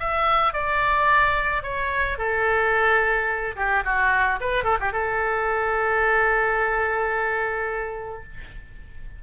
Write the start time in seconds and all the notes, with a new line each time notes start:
0.00 E5
0.54 D5
1.63 C#5
2.18 A4
3.56 G4
3.85 F#4
4.41 B4
4.64 A4
4.80 G4
4.93 A4